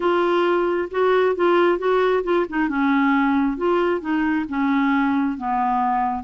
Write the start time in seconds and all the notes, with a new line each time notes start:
0.00 F4
0.91 F#4
1.35 F4
1.78 F#4
2.23 F4
2.49 D#4
2.69 C#4
3.57 F4
4.01 D#4
4.48 C#4
5.37 B3